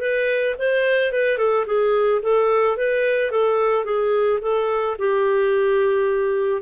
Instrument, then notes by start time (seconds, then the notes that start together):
clarinet
0.00 B4
0.58 C5
1.12 B4
1.38 A4
1.66 G#4
2.22 A4
2.76 B4
3.31 A4
3.84 G#4
4.41 A4
4.98 G4